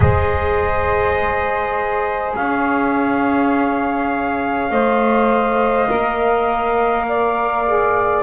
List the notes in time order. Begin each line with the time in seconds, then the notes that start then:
0.00 G#3 G#4 C5 D#5
2.35 C#4 C#5 F5
4.70 A3 C5 D#5
5.88 A#3 A#4
7.08 D5
7.66 G#4